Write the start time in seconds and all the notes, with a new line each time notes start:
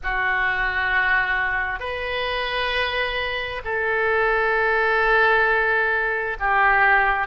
0.03 F#4
1.79 B4
3.64 A4
6.39 G4